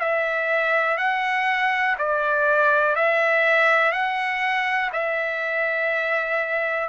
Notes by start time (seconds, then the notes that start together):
0.00 E5
0.98 F#5
1.99 D5
2.96 E5
3.93 F#5
4.93 E5